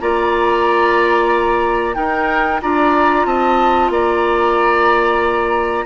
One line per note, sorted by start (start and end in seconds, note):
0.00 1.96 A#3
0.00 1.94 F4
0.00 1.96 D5
0.00 1.94 A#5
1.94 2.59 D#4
1.94 2.61 D#4
1.94 2.61 A#4
1.94 2.60 G5
2.61 3.25 D4
2.61 5.85 F4
2.61 3.27 D5
2.61 3.25 A#5
3.25 3.89 C4
3.25 3.91 D#5
3.25 3.90 A5
3.89 5.85 A#3
3.89 5.85 D5
3.89 5.85 A#5